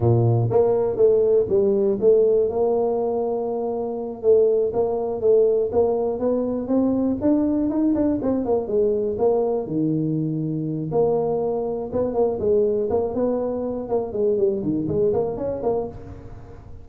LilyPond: \new Staff \with { instrumentName = "tuba" } { \time 4/4 \tempo 4 = 121 ais,4 ais4 a4 g4 | a4 ais2.~ | ais8 a4 ais4 a4 ais8~ | ais8 b4 c'4 d'4 dis'8 |
d'8 c'8 ais8 gis4 ais4 dis8~ | dis2 ais2 | b8 ais8 gis4 ais8 b4. | ais8 gis8 g8 dis8 gis8 ais8 cis'8 ais8 | }